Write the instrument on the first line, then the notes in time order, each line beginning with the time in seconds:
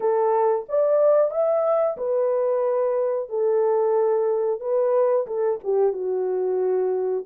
horn
0.00 A4
0.69 D5
1.30 E5
1.97 B4
3.29 A4
4.60 B4
5.26 A4
5.63 G4
5.93 F#4